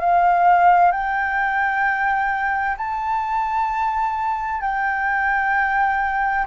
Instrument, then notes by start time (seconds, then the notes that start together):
flute
0.00 F5
0.91 G5
2.77 A5
4.61 G5